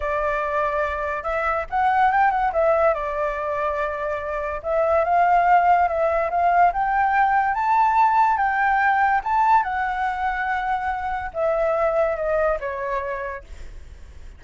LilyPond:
\new Staff \with { instrumentName = "flute" } { \time 4/4 \tempo 4 = 143 d''2. e''4 | fis''4 g''8 fis''8 e''4 d''4~ | d''2. e''4 | f''2 e''4 f''4 |
g''2 a''2 | g''2 a''4 fis''4~ | fis''2. e''4~ | e''4 dis''4 cis''2 | }